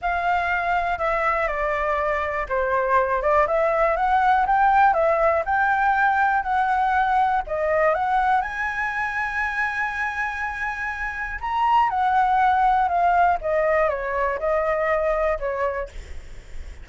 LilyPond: \new Staff \with { instrumentName = "flute" } { \time 4/4 \tempo 4 = 121 f''2 e''4 d''4~ | d''4 c''4. d''8 e''4 | fis''4 g''4 e''4 g''4~ | g''4 fis''2 dis''4 |
fis''4 gis''2.~ | gis''2. ais''4 | fis''2 f''4 dis''4 | cis''4 dis''2 cis''4 | }